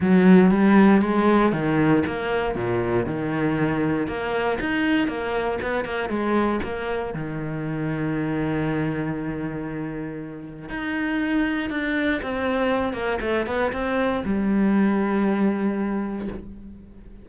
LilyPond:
\new Staff \with { instrumentName = "cello" } { \time 4/4 \tempo 4 = 118 fis4 g4 gis4 dis4 | ais4 ais,4 dis2 | ais4 dis'4 ais4 b8 ais8 | gis4 ais4 dis2~ |
dis1~ | dis4 dis'2 d'4 | c'4. ais8 a8 b8 c'4 | g1 | }